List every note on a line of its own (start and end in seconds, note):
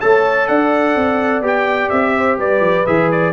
0.00 0.48 A3
0.00 1.42 A4
0.00 0.49 C#5
0.00 0.47 A5
0.47 0.95 D4
0.47 2.15 D5
0.47 1.42 F#5
0.95 1.41 C4
1.41 1.88 B3
1.41 2.85 G4
1.41 1.89 G5
1.89 2.38 C4
1.89 2.37 E5
2.17 2.38 C5
2.38 2.60 G3
2.38 3.32 B4
2.38 2.86 D5
2.60 2.84 F3
2.86 3.32 E3
2.86 3.32 G#4
2.86 3.10 E5
3.11 3.32 D5